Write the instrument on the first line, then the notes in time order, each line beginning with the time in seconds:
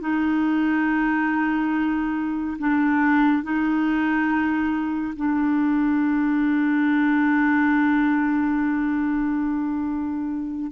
clarinet
0.00 D#4
2.58 D4
3.42 D#4
5.15 D4